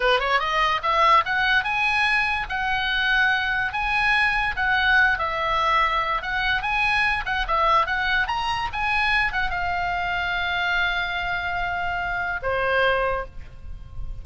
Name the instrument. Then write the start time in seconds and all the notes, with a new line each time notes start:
oboe
0.00 B4
0.19 C#5
0.39 D#5
0.83 E5
1.25 F#5
1.63 G#5
2.49 F#5
3.73 G#5
4.56 F#5
5.18 E5
6.22 F#5
6.62 G#5
7.25 F#5
7.47 E5
7.86 F#5
8.27 A#5
8.72 G#5
9.32 F#5
9.50 F5
12.42 C5